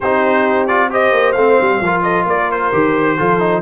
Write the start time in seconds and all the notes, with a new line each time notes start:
0.00 C4 D#4 G4 C5
0.66 F4 D5
0.90 G4 C5 D#5
1.12 A#3
1.32 A3 C4 F5
1.60 G3
1.81 F3 F4 A#4
2.02 A4 D#5
2.25 A#3 A#4 D5
2.51 C5
2.72 D#3 G4
3.16 F3 F4 A4
3.39 D#4